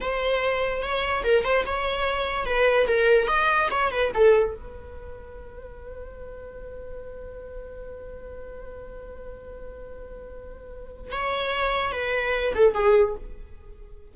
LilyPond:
\new Staff \with { instrumentName = "viola" } { \time 4/4 \tempo 4 = 146 c''2 cis''4 ais'8 c''8 | cis''2 b'4 ais'4 | dis''4 cis''8 b'8 a'4 b'4~ | b'1~ |
b'1~ | b'1~ | b'2. cis''4~ | cis''4 b'4. a'8 gis'4 | }